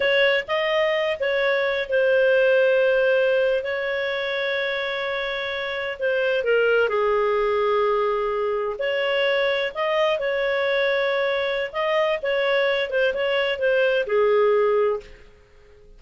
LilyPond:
\new Staff \with { instrumentName = "clarinet" } { \time 4/4 \tempo 4 = 128 cis''4 dis''4. cis''4. | c''2.~ c''8. cis''16~ | cis''1~ | cis''8. c''4 ais'4 gis'4~ gis'16~ |
gis'2~ gis'8. cis''4~ cis''16~ | cis''8. dis''4 cis''2~ cis''16~ | cis''4 dis''4 cis''4. c''8 | cis''4 c''4 gis'2 | }